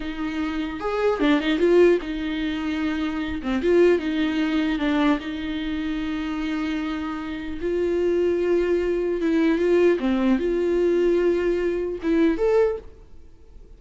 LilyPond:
\new Staff \with { instrumentName = "viola" } { \time 4/4 \tempo 4 = 150 dis'2 gis'4 d'8 dis'8 | f'4 dis'2.~ | dis'8 c'8 f'4 dis'2 | d'4 dis'2.~ |
dis'2. f'4~ | f'2. e'4 | f'4 c'4 f'2~ | f'2 e'4 a'4 | }